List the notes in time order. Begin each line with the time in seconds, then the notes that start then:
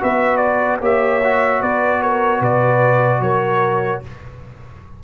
0.00 B3 F#4 B4 E5
0.37 D5
0.80 A#3 G4 C#5 E5
1.23 F#4
1.60 B3 B4 D5
2.02 A#4 C#5
2.40 B2 B4 D5
3.20 F#3 A#4 C#5